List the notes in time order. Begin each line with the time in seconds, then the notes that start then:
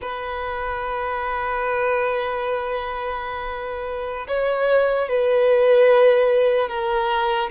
0.01 B4
4.28 C#5
5.08 B4
6.69 A#4